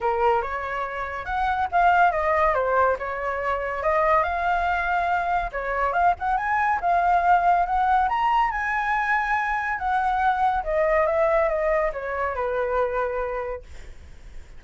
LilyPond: \new Staff \with { instrumentName = "flute" } { \time 4/4 \tempo 4 = 141 ais'4 cis''2 fis''4 | f''4 dis''4 c''4 cis''4~ | cis''4 dis''4 f''2~ | f''4 cis''4 f''8 fis''8 gis''4 |
f''2 fis''4 ais''4 | gis''2. fis''4~ | fis''4 dis''4 e''4 dis''4 | cis''4 b'2. | }